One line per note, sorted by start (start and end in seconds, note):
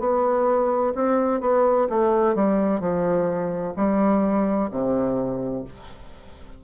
0.00 0.94 B3
0.95 1.41 C4
1.41 1.88 B3
1.90 2.35 A3
2.35 2.80 G3
2.80 3.74 F3
3.77 4.70 G3
4.71 5.65 C3